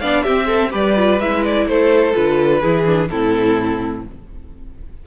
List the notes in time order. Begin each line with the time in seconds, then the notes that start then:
0.00 B3 D4 D5 F5
0.23 C4 G4 E5
0.46 A4
0.71 G3 G4 B4 D5
0.97 F4
1.20 G#3 E4 E5
1.45 D5
1.66 A3 A4 C5
2.13 D3 F4 B4
2.62 E3 E4 G#4
2.86 D4
3.09 A2 C4 E4 A4